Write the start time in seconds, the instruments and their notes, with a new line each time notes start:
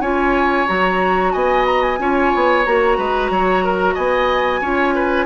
0.00 bassoon C#4, clarinet F4, oboe C#5, flute G#5
0.67 bassoon F#3, clarinet F#4, flute A#5
1.32 bassoon B3, oboe D#5, flute G#5
1.66 flute A#5
1.82 flute G#5
1.98 bassoon C#4, clarinet F4, oboe C#5
2.35 bassoon B3
2.65 bassoon A#3, clarinet F#4, flute A#5
2.98 bassoon G#3, oboe B4
3.30 bassoon F#3, oboe C#5
3.64 oboe A#4
3.94 bassoon B3, oboe D#5, flute G#5
4.61 bassoon C#4, clarinet F4, oboe C#5
4.94 oboe B4